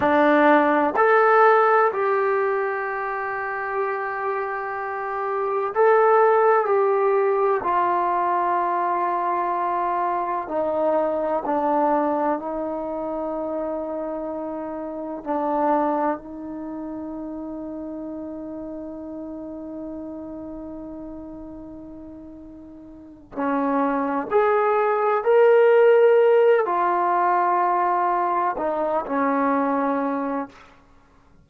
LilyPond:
\new Staff \with { instrumentName = "trombone" } { \time 4/4 \tempo 4 = 63 d'4 a'4 g'2~ | g'2 a'4 g'4 | f'2. dis'4 | d'4 dis'2. |
d'4 dis'2.~ | dis'1~ | dis'8 cis'4 gis'4 ais'4. | f'2 dis'8 cis'4. | }